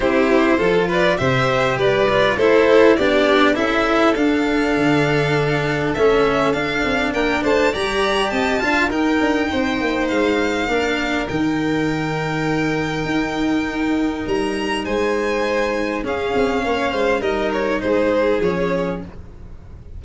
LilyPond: <<
  \new Staff \with { instrumentName = "violin" } { \time 4/4 \tempo 4 = 101 c''4. d''8 e''4 d''4 | c''4 d''4 e''4 f''4~ | f''2 e''4 f''4 | g''8 a''8 ais''4 a''4 g''4~ |
g''4 f''2 g''4~ | g''1 | ais''4 gis''2 f''4~ | f''4 dis''8 cis''8 c''4 cis''4 | }
  \new Staff \with { instrumentName = "violin" } { \time 4/4 g'4 a'8 b'8 c''4 b'4 | a'4 g'4 a'2~ | a'1 | ais'8 c''8 d''4 dis''8 f''8 ais'4 |
c''2 ais'2~ | ais'1~ | ais'4 c''2 gis'4 | cis''8 c''8 ais'4 gis'2 | }
  \new Staff \with { instrumentName = "cello" } { \time 4/4 e'4 f'4 g'4. f'8 | e'4 d'4 e'4 d'4~ | d'2 cis'4 d'4~ | d'4 g'4. f'8 dis'4~ |
dis'2 d'4 dis'4~ | dis'1~ | dis'2. cis'4~ | cis'4 dis'2 cis'4 | }
  \new Staff \with { instrumentName = "tuba" } { \time 4/4 c'4 f4 c4 g4 | a4 b4 cis'4 d'4 | d2 a4 d'8 c'8 | ais8 a8 g4 c'8 d'8 dis'8 d'8 |
c'8 ais8 gis4 ais4 dis4~ | dis2 dis'2 | g4 gis2 cis'8 c'8 | ais8 gis8 g4 gis4 f4 | }
>>